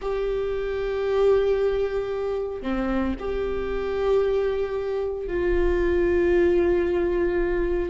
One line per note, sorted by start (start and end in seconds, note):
0.01 2.61 G4
2.61 3.14 C4
3.19 5.27 G4
5.27 7.89 F4